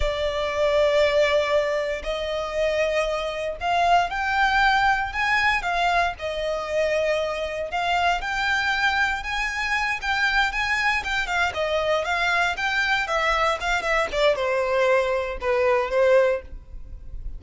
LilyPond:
\new Staff \with { instrumentName = "violin" } { \time 4/4 \tempo 4 = 117 d''1 | dis''2. f''4 | g''2 gis''4 f''4 | dis''2. f''4 |
g''2 gis''4. g''8~ | g''8 gis''4 g''8 f''8 dis''4 f''8~ | f''8 g''4 e''4 f''8 e''8 d''8 | c''2 b'4 c''4 | }